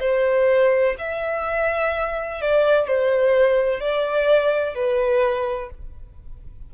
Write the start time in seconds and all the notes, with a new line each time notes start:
0.00 C5
0.98 E5
2.41 D5
2.87 C5
3.80 D5
4.74 B4